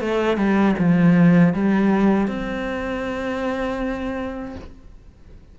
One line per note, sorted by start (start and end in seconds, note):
0.00 0.37 A3
0.37 0.75 G3
0.78 1.53 F3
1.53 2.27 G3
2.27 4.55 C4